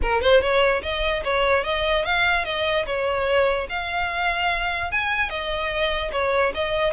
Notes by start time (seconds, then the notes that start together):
0.01 A#4
0.21 C5
0.41 C#5
0.82 D#5
1.24 C#5
1.64 D#5
2.04 F5
2.45 D#5
2.86 C#5
3.69 F5
4.91 G#5
5.29 D#5
6.12 C#5
6.54 D#5